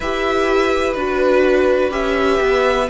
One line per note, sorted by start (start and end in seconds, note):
0.00 0.95 E4
0.00 0.97 G4
0.00 2.89 B4
0.00 0.93 E5
0.93 1.91 D4
0.93 1.90 F#4
0.93 1.90 B4
1.90 2.39 C#4
1.90 2.87 G4
1.90 2.89 E5
2.40 2.88 B3